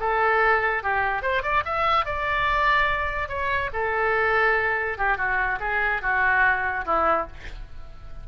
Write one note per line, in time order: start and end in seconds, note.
0.00 0.83 A4
0.83 1.22 G4
1.22 1.43 C5
1.43 1.64 D5
1.65 2.05 E5
2.05 3.29 D5
3.29 3.70 C#5
3.73 4.98 A4
4.98 5.18 G4
5.18 5.59 F#4
5.60 6.02 G#4
6.02 6.85 F#4
6.86 7.27 E4